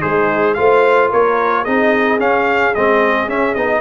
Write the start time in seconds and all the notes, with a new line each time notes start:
0.00 G#3 D#4 G#4 C5
0.54 A3 F4 C5 F5
1.11 A#3 A#4 C#5
1.63 C4 D#4 G#4 D#5
2.19 C#4 F5
2.74 G#3 C4 D#5
3.28 C#4 E5
3.54 B3 D#4 D#5